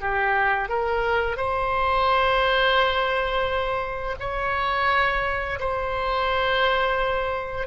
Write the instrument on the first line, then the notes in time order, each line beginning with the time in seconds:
oboe
0.00 G4
0.68 A#4
1.36 C5
4.19 C#5
5.59 C5